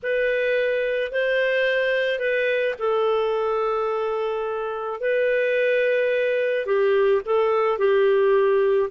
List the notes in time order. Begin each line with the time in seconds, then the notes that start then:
0.02 B4
1.11 C5
2.19 B4
2.78 A4
5.00 B4
6.65 G4
7.25 A4
7.78 G4